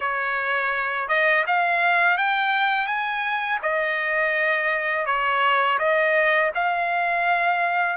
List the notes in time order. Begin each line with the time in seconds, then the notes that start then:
0.00 C#5
1.08 D#5
1.46 F5
2.17 G5
2.86 G#5
3.62 D#5
5.06 C#5
5.78 D#5
6.54 F5